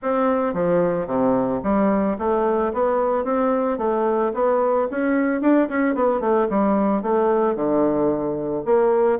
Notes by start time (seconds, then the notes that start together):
0.02 C4
0.53 F3
1.06 C3
1.63 G3
2.18 A3
2.73 B3
3.24 C4
3.77 A3
4.33 B3
4.90 C#4
5.41 D4
5.68 C#4
5.95 B3
6.20 A3
6.49 G3
7.02 A3
7.55 D3
8.65 A#3